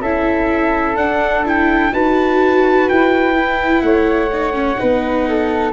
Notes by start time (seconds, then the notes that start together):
0.00 C#4 E4 A4 E5
0.95 D4 F#5
1.45 E4 G5
1.91 D#4 F#4 B4 A5
2.89 E4 G5
3.34 E4
3.81 A3 C#5 F#5
4.32 D#4
4.53 C#4
4.77 B3 D#4 B4
5.28 A4